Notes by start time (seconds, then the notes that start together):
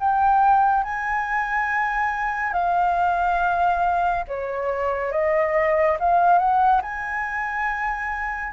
0.00 G5
0.84 G#5
2.53 F5
4.28 C#5
5.12 D#5
6.00 F5
6.39 F#5
6.82 G#5